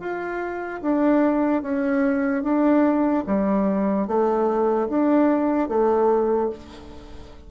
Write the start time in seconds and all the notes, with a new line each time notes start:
0.00 F4
0.82 D4
1.63 C#4
2.43 D4
3.27 G3
4.07 A3
4.89 D4
5.69 A3